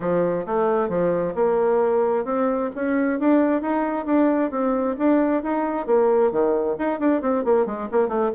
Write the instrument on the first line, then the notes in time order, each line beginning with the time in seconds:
bassoon
0.00 F3
0.46 A3
0.88 F3
1.34 A#3
2.24 C4
2.75 C#4
3.19 D4
3.61 D#4
4.05 D4
4.51 C4
4.98 D4
5.43 D#4
5.86 A#3
6.31 D#3
6.78 D#4
6.99 D4
7.21 C4
7.44 A#3
7.66 G#3
7.91 A#3
8.08 A3